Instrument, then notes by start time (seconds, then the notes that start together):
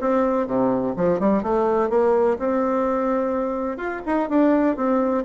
bassoon
0.00 C4
0.46 C3
0.96 F3
1.19 G3
1.43 A3
1.89 A#3
2.39 C4
3.77 F4
4.06 D#4
4.29 D4
4.76 C4